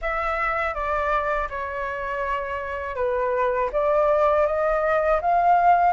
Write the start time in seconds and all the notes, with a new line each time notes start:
0.01 E5
0.74 D5
1.49 C#5
2.95 B4
3.72 D5
4.46 D#5
5.21 F5